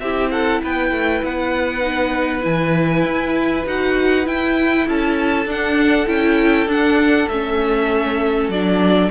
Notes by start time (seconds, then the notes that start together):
0.00 C4 E4 G4 E5
0.31 A4 F#5
0.63 B3 B4 G5
0.92 A3
1.24 B3 F#5
1.81 D#4
2.42 E3 E4 G#5
3.05 E4
3.67 D#4 F#4 F#5
4.25 E4 G5
4.88 C#4 A4 A5
5.46 D4 F#5
6.07 C#4 E4 G5
6.67 D4 F#5
7.29 A3 C#4 E5
8.49 F#3 D4 D5